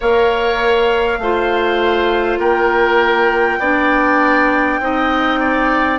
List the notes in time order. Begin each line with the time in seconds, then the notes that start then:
0.00 A#3 A#4 C#5 F5
1.18 A3 F4 C5
2.38 A#3 A#4 G5
3.59 B3 D4 D5
4.79 C4 D#4 D#5
5.40 D5